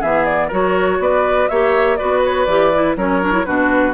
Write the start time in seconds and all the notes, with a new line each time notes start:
0.00 E3 B3 G#4 E5
0.25 D5
0.48 F#3 F#4 A#4 C#5
0.99 B3 B4 D5
1.49 A#3 G4 C#5 E5
1.96 F#4 B4 D5
2.03 B3
2.25 C#5
2.45 E3 G4 D5
2.74 E4
2.96 F#3 C#4 A#4 C#5
3.22 D4
3.32 E4
3.45 B2 D4 F#4 B4